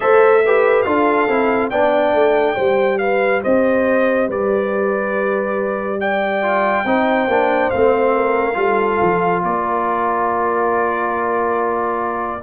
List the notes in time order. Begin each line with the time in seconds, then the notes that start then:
0.00 A3 A4 C5 E5
0.45 G4 B4
0.82 D4 F4 A4 F5
1.28 C4 E4
1.69 B3 D4 D5 G5
2.14 A3
2.54 G3 G4 C5
2.98 B4 F5
3.42 C4 C5 D#5
4.27 G3 B4 D5
6.00 D5 G5
6.42 F4
6.84 C4 D#4 C5
7.27 A#3 D4
7.70 A3 C4 F5
8.14 A#4
8.53 G3 F4 A4
9.02 F3
9.43 A#3 A#4 D5